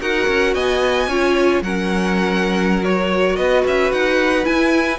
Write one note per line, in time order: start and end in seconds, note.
0.00 0.27 D#4
0.00 1.09 F#4
0.00 0.54 A#4
0.00 0.54 F#5
0.27 0.54 C#4
0.54 1.07 B3
0.54 1.08 D#5
0.54 1.62 G#5
1.07 1.61 C#4
1.07 1.63 F4
1.07 1.62 C#5
1.61 3.36 F#3
1.61 2.83 C#4
1.61 3.38 A#4
1.61 2.84 F#5
2.83 4.44 F#4
2.83 3.36 C#5
3.36 3.63 B3
3.36 4.98 B4
3.36 3.63 D#5
3.66 3.92 C#4
3.66 3.92 E5
3.92 4.46 D#4
3.92 4.45 F#5
4.44 4.98 E4
4.44 4.98 G#5